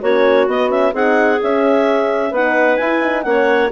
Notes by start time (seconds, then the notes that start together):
0.00 A#3 C#4 F#4 C#5
0.47 B3 D#5
0.68 C#4 E5
0.92 C4 D#4 G#4 F#5
1.41 C#4 E5
2.30 B3 D#4 B4 F#5
2.77 E4 G#5
3.02 D#4
3.22 A#3 C#4 C#5 F#5